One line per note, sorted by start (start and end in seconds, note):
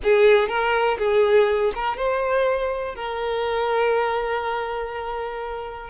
0.03 0.48 G#4
0.48 0.97 A#4
0.98 1.72 G#4
1.74 1.97 A#4
1.97 2.95 C5
2.95 5.89 A#4